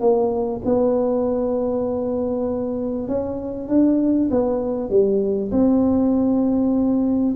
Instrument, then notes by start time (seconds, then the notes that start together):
tuba
0.00 A#3
0.65 B3
3.08 C#4
3.68 D4
4.30 B3
4.90 G3
5.51 C4